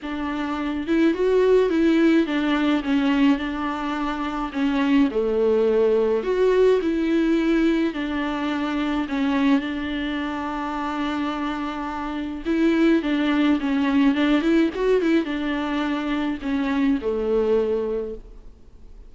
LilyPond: \new Staff \with { instrumentName = "viola" } { \time 4/4 \tempo 4 = 106 d'4. e'8 fis'4 e'4 | d'4 cis'4 d'2 | cis'4 a2 fis'4 | e'2 d'2 |
cis'4 d'2.~ | d'2 e'4 d'4 | cis'4 d'8 e'8 fis'8 e'8 d'4~ | d'4 cis'4 a2 | }